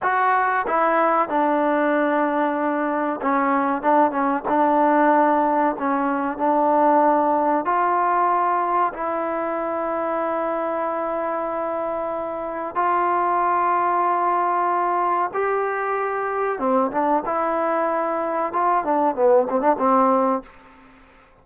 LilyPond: \new Staff \with { instrumentName = "trombone" } { \time 4/4 \tempo 4 = 94 fis'4 e'4 d'2~ | d'4 cis'4 d'8 cis'8 d'4~ | d'4 cis'4 d'2 | f'2 e'2~ |
e'1 | f'1 | g'2 c'8 d'8 e'4~ | e'4 f'8 d'8 b8 c'16 d'16 c'4 | }